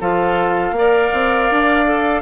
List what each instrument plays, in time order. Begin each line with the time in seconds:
0.00 bassoon F3, clarinet F4, oboe A4, flute F5
0.72 bassoon A#3, clarinet A#4
0.78 oboe D5
1.13 bassoon C4
1.51 bassoon D4
1.86 clarinet A4